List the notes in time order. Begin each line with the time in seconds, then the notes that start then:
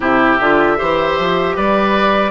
0.00 C3 E4 G4 E5
0.39 D3 F4
0.76 E3 G4 C5
1.19 F3
1.56 G3 B4 D5